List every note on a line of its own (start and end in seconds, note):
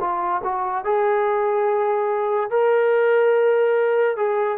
0.00 0.42 F4
0.43 0.84 F#4
0.84 2.50 G#4
2.50 4.16 A#4
4.16 4.58 G#4